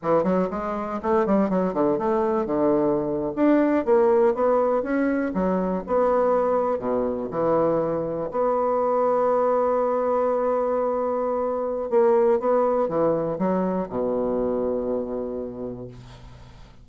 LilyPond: \new Staff \with { instrumentName = "bassoon" } { \time 4/4 \tempo 4 = 121 e8 fis8 gis4 a8 g8 fis8 d8 | a4 d4.~ d16 d'4 ais16~ | ais8. b4 cis'4 fis4 b16~ | b4.~ b16 b,4 e4~ e16~ |
e8. b2.~ b16~ | b1 | ais4 b4 e4 fis4 | b,1 | }